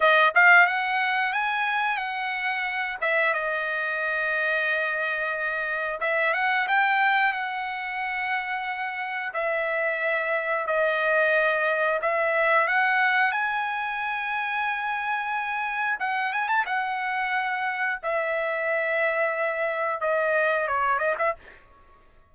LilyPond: \new Staff \with { instrumentName = "trumpet" } { \time 4/4 \tempo 4 = 90 dis''8 f''8 fis''4 gis''4 fis''4~ | fis''8 e''8 dis''2.~ | dis''4 e''8 fis''8 g''4 fis''4~ | fis''2 e''2 |
dis''2 e''4 fis''4 | gis''1 | fis''8 gis''16 a''16 fis''2 e''4~ | e''2 dis''4 cis''8 dis''16 e''16 | }